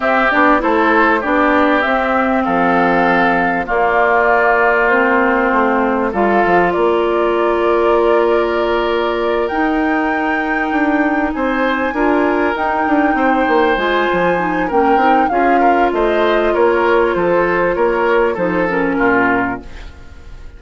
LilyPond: <<
  \new Staff \with { instrumentName = "flute" } { \time 4/4 \tempo 4 = 98 e''8 d''8 c''4 d''4 e''4 | f''2 d''2 | c''2 f''4 d''4~ | d''2.~ d''8 g''8~ |
g''2~ g''8 gis''4.~ | gis''8 g''2 gis''4. | g''4 f''4 dis''4 cis''4 | c''4 cis''4 c''8 ais'4. | }
  \new Staff \with { instrumentName = "oboe" } { \time 4/4 g'4 a'4 g'2 | a'2 f'2~ | f'2 a'4 ais'4~ | ais'1~ |
ais'2~ ais'8 c''4 ais'8~ | ais'4. c''2~ c''8 | ais'4 gis'8 ais'8 c''4 ais'4 | a'4 ais'4 a'4 f'4 | }
  \new Staff \with { instrumentName = "clarinet" } { \time 4/4 c'8 d'8 e'4 d'4 c'4~ | c'2 ais2 | c'2 f'2~ | f'2.~ f'8 dis'8~ |
dis'2.~ dis'8 f'8~ | f'8 dis'2 f'4 dis'8 | cis'8 dis'8 f'2.~ | f'2 dis'8 cis'4. | }
  \new Staff \with { instrumentName = "bassoon" } { \time 4/4 c'8 b8 a4 b4 c'4 | f2 ais2~ | ais4 a4 g8 f8 ais4~ | ais2.~ ais8 dis'8~ |
dis'4. d'4 c'4 d'8~ | d'8 dis'8 d'8 c'8 ais8 gis8 f4 | ais8 c'8 cis'4 a4 ais4 | f4 ais4 f4 ais,4 | }
>>